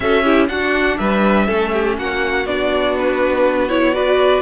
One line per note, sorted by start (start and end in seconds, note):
0.00 0.48 C#4
0.00 0.24 F#4
0.00 0.24 A4
0.00 0.46 E5
0.24 0.48 E4
0.24 0.48 G4
0.48 1.47 D4
0.48 0.98 D4
0.48 0.98 F#4
0.48 0.97 F#5
0.97 1.48 G3
0.97 1.46 B4
0.97 1.95 E5
1.46 1.97 A3
1.46 2.45 C#4
1.46 1.71 A4
1.72 1.97 G4
1.97 2.45 A#3
1.97 3.94 F#4
1.97 2.46 F#5
2.45 4.41 B3
2.45 3.69 D4
2.45 2.95 D5
2.98 3.68 B4
3.68 3.93 E4
3.68 3.93 C#5
3.93 4.41 F#4
3.93 4.41 B4
3.93 4.41 D5